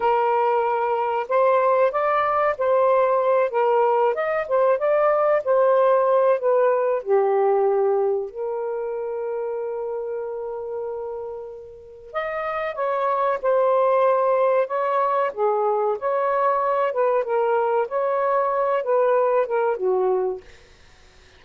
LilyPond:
\new Staff \with { instrumentName = "saxophone" } { \time 4/4 \tempo 4 = 94 ais'2 c''4 d''4 | c''4. ais'4 dis''8 c''8 d''8~ | d''8 c''4. b'4 g'4~ | g'4 ais'2.~ |
ais'2. dis''4 | cis''4 c''2 cis''4 | gis'4 cis''4. b'8 ais'4 | cis''4. b'4 ais'8 fis'4 | }